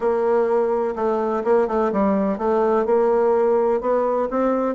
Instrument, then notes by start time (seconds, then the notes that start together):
bassoon
0.00 A#3
0.95 A3
1.44 A#3
1.67 A3
1.92 G3
2.37 A3
2.85 A#3
3.81 B3
4.30 C4